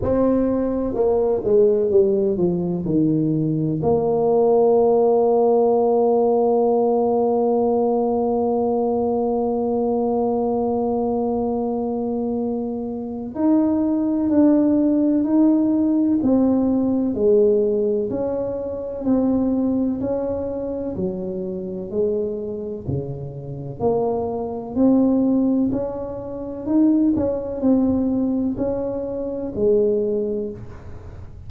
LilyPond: \new Staff \with { instrumentName = "tuba" } { \time 4/4 \tempo 4 = 63 c'4 ais8 gis8 g8 f8 dis4 | ais1~ | ais1~ | ais2 dis'4 d'4 |
dis'4 c'4 gis4 cis'4 | c'4 cis'4 fis4 gis4 | cis4 ais4 c'4 cis'4 | dis'8 cis'8 c'4 cis'4 gis4 | }